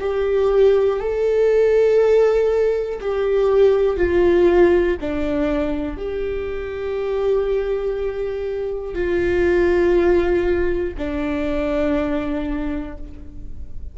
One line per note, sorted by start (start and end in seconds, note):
0.00 1.00 G4
1.00 3.00 A4
3.01 3.97 G4
3.97 4.97 F4
5.00 5.97 D4
5.97 8.95 G4
8.95 10.95 F4
10.98 12.98 D4